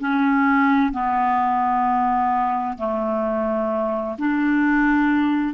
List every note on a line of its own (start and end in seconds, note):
0.00 0.92 C#4
0.93 2.78 B3
2.78 4.17 A3
4.19 5.55 D4